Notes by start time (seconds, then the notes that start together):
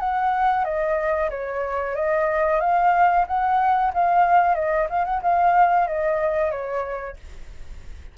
0.00 F#5
0.65 D#5
1.30 C#5
1.96 D#5
2.61 F5
3.28 F#5
3.94 F5
4.55 D#5
4.90 F5
5.05 F#5
5.22 F5
5.88 D#5
6.52 C#5